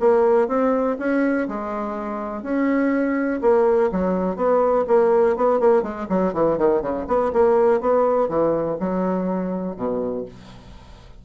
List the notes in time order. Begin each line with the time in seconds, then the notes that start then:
0.00 A#3
0.48 C4
0.99 C#4
1.49 G#3
2.43 C#4
3.42 A#3
3.92 F#3
4.37 B3
4.88 A#3
5.37 B3
5.60 A#3
5.83 G#3
6.09 F#3
6.33 E3
6.58 D#3
6.82 C#3
7.08 B3
7.33 A#3
7.81 B3
8.29 E3
8.80 F#3
9.76 B2